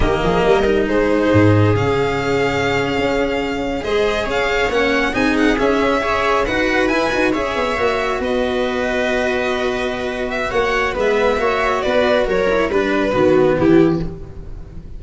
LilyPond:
<<
  \new Staff \with { instrumentName = "violin" } { \time 4/4 \tempo 4 = 137 dis''2 c''2 | f''1~ | f''8. dis''4 f''4 fis''4 gis''16~ | gis''16 fis''8 e''2 fis''4 gis''16~ |
gis''8. e''2 dis''4~ dis''16~ | dis''2.~ dis''8 e''8 | fis''4 e''2 d''4 | cis''4 b'2 g'4 | }
  \new Staff \with { instrumentName = "viola" } { \time 4/4 g'8 gis'8 ais'4 gis'2~ | gis'1~ | gis'8. c''4 cis''2 gis'16~ | gis'4.~ gis'16 cis''4 b'4~ b'16~ |
b'8. cis''2 b'4~ b'16~ | b'1 | cis''4 b'4 cis''4 b'4 | ais'4 b'4 fis'4 e'4 | }
  \new Staff \with { instrumentName = "cello" } { \time 4/4 ais4. dis'2~ dis'8 | cis'1~ | cis'8. gis'2 cis'4 dis'16~ | dis'8. cis'4 gis'4 fis'4 e'16~ |
e'16 fis'8 gis'4 fis'2~ fis'16~ | fis'1~ | fis'4 b4 fis'2~ | fis'8 e'8 d'4 b2 | }
  \new Staff \with { instrumentName = "tuba" } { \time 4/4 dis8 f8 g4 gis4 gis,4 | cis2~ cis8. cis'4~ cis'16~ | cis'8. gis4 cis'4 ais4 c'16~ | c'8. cis'2 dis'4 e'16~ |
e'16 dis'8 cis'8 b8 ais4 b4~ b16~ | b1 | ais4 gis4 ais4 b4 | fis4 g4 dis4 e4 | }
>>